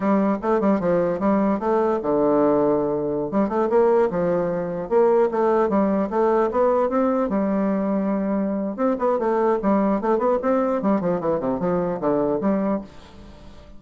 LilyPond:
\new Staff \with { instrumentName = "bassoon" } { \time 4/4 \tempo 4 = 150 g4 a8 g8 f4 g4 | a4 d2.~ | d16 g8 a8 ais4 f4.~ f16~ | f16 ais4 a4 g4 a8.~ |
a16 b4 c'4 g4.~ g16~ | g2 c'8 b8 a4 | g4 a8 b8 c'4 g8 f8 | e8 c8 f4 d4 g4 | }